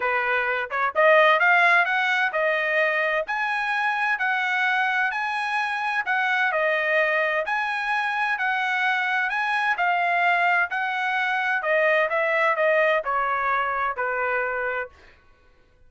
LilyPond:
\new Staff \with { instrumentName = "trumpet" } { \time 4/4 \tempo 4 = 129 b'4. cis''8 dis''4 f''4 | fis''4 dis''2 gis''4~ | gis''4 fis''2 gis''4~ | gis''4 fis''4 dis''2 |
gis''2 fis''2 | gis''4 f''2 fis''4~ | fis''4 dis''4 e''4 dis''4 | cis''2 b'2 | }